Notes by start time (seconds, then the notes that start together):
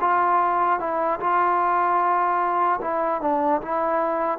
0.00 F4
0.79 E4
1.20 F4
2.81 E4
3.21 D4
3.61 E4